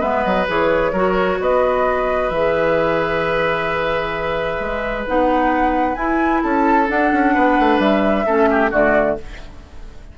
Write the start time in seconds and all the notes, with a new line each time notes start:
0.00 G#3 B3 B4 E5
0.24 F#3 D#5
0.47 E3 G#4 C#5
0.92 F#3 F#4 A#4
1.40 B3 B4 D#5
2.29 E3 G#4 E5
4.60 G#3
5.07 B3 D#4 F#5
5.95 E4 G#5
6.43 C#4 A4 A5
6.87 D4 F#5
7.12 C#4
7.34 B3 B4
7.59 A3
7.79 G3 E5
8.26 A3 C#4 A4
8.50 G4
8.70 D3 A3 F#4 D5